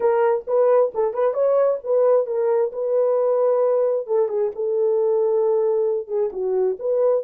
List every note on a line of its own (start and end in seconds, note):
0.00 0.44 A#4
0.47 0.92 B4
0.94 1.13 A4
1.13 1.33 B4
1.33 1.78 C#5
1.83 2.26 B4
2.26 2.71 A#4
2.72 4.06 B4
4.06 4.28 A4
4.28 4.51 G#4
4.55 6.07 A4
6.07 6.30 G#4
6.32 6.77 F#4
6.79 7.24 B4